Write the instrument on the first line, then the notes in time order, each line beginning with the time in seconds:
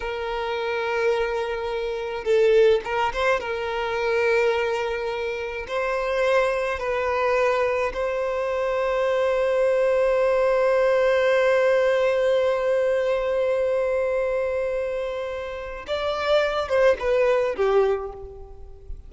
violin
0.00 A#4
2.24 A4
2.84 A#4
3.13 C5
3.40 A#4
5.67 C5
6.79 B4
7.93 C5
15.87 D5
16.68 C5
16.99 B4
17.56 G4